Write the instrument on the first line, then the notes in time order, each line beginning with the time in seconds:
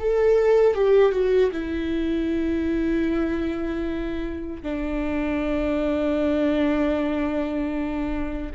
viola
0.00 A4
0.75 G4
1.13 F#4
1.52 E4
4.63 D4